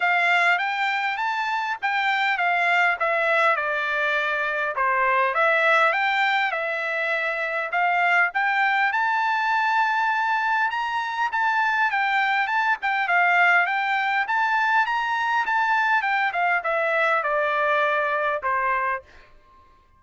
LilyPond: \new Staff \with { instrumentName = "trumpet" } { \time 4/4 \tempo 4 = 101 f''4 g''4 a''4 g''4 | f''4 e''4 d''2 | c''4 e''4 g''4 e''4~ | e''4 f''4 g''4 a''4~ |
a''2 ais''4 a''4 | g''4 a''8 g''8 f''4 g''4 | a''4 ais''4 a''4 g''8 f''8 | e''4 d''2 c''4 | }